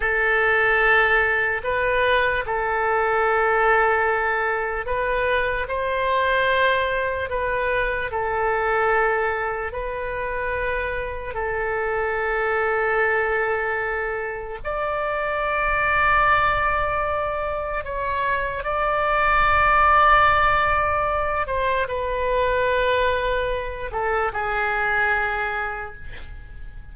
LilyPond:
\new Staff \with { instrumentName = "oboe" } { \time 4/4 \tempo 4 = 74 a'2 b'4 a'4~ | a'2 b'4 c''4~ | c''4 b'4 a'2 | b'2 a'2~ |
a'2 d''2~ | d''2 cis''4 d''4~ | d''2~ d''8 c''8 b'4~ | b'4. a'8 gis'2 | }